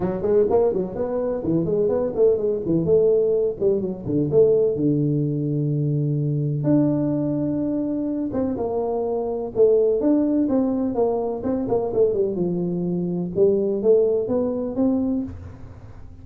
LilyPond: \new Staff \with { instrumentName = "tuba" } { \time 4/4 \tempo 4 = 126 fis8 gis8 ais8 fis8 b4 e8 gis8 | b8 a8 gis8 e8 a4. g8 | fis8 d8 a4 d2~ | d2 d'2~ |
d'4. c'8 ais2 | a4 d'4 c'4 ais4 | c'8 ais8 a8 g8 f2 | g4 a4 b4 c'4 | }